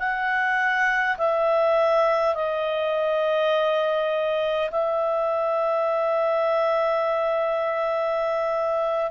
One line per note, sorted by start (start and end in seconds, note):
0.00 1.18 F#5
1.18 2.35 E5
2.35 4.71 D#5
4.71 9.12 E5